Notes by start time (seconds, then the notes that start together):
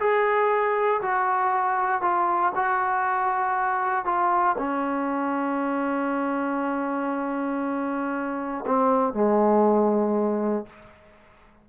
0.00 G#4
1.02 F#4
2.02 F4
2.55 F#4
4.05 F4
4.58 C#4
8.67 C4
9.14 G#3